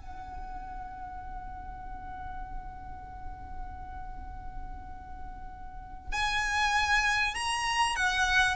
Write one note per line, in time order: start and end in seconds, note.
0.00 6.12 F#5
6.12 7.34 G#5
7.35 7.96 A#5
7.96 8.56 F#5